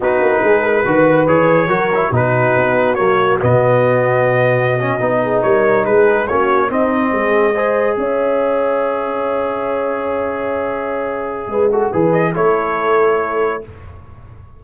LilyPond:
<<
  \new Staff \with { instrumentName = "trumpet" } { \time 4/4 \tempo 4 = 141 b'2. cis''4~ | cis''4 b'2 cis''4 | dis''1~ | dis''8. cis''4 b'4 cis''4 dis''16~ |
dis''2~ dis''8. e''4~ e''16~ | e''1~ | e''1~ | e''8 dis''8 cis''2. | }
  \new Staff \with { instrumentName = "horn" } { \time 4/4 fis'4 gis'8 ais'8 b'2 | ais'4 fis'2.~ | fis'1~ | fis'16 gis'8 ais'4 gis'4 fis'4 dis'16~ |
dis'8. gis'4 c''4 cis''4~ cis''16~ | cis''1~ | cis''2. b'8 a'8 | b'4 a'2. | }
  \new Staff \with { instrumentName = "trombone" } { \time 4/4 dis'2 fis'4 gis'4 | fis'8 e'8 dis'2 ais4 | b2.~ b16 cis'8 dis'16~ | dis'2~ dis'8. cis'4 c'16~ |
c'4.~ c'16 gis'2~ gis'16~ | gis'1~ | gis'2.~ gis'8 fis'8 | gis'4 e'2. | }
  \new Staff \with { instrumentName = "tuba" } { \time 4/4 b8 ais8 gis4 dis4 e4 | fis4 b,4 b4 fis4 | b,2.~ b,8. b16~ | b8. g4 gis4 ais4 c'16~ |
c'8. gis2 cis'4~ cis'16~ | cis'1~ | cis'2. gis4 | e4 a2. | }
>>